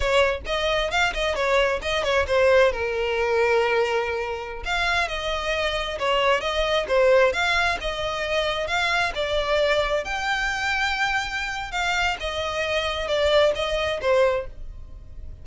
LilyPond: \new Staff \with { instrumentName = "violin" } { \time 4/4 \tempo 4 = 133 cis''4 dis''4 f''8 dis''8 cis''4 | dis''8 cis''8 c''4 ais'2~ | ais'2~ ais'16 f''4 dis''8.~ | dis''4~ dis''16 cis''4 dis''4 c''8.~ |
c''16 f''4 dis''2 f''8.~ | f''16 d''2 g''4.~ g''16~ | g''2 f''4 dis''4~ | dis''4 d''4 dis''4 c''4 | }